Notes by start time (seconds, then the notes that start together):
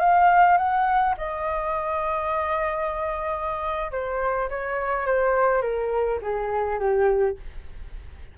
0.00 F5
0.58 F#5
1.18 D#5
3.92 C5
4.50 C#5
5.07 C5
5.62 A#4
6.22 G#4
6.79 G4